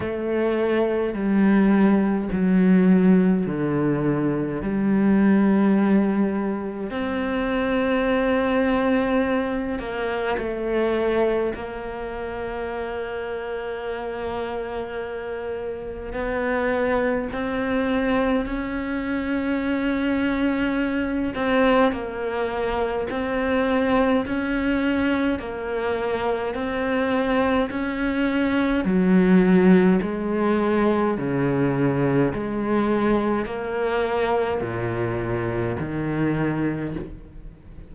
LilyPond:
\new Staff \with { instrumentName = "cello" } { \time 4/4 \tempo 4 = 52 a4 g4 fis4 d4 | g2 c'2~ | c'8 ais8 a4 ais2~ | ais2 b4 c'4 |
cis'2~ cis'8 c'8 ais4 | c'4 cis'4 ais4 c'4 | cis'4 fis4 gis4 cis4 | gis4 ais4 ais,4 dis4 | }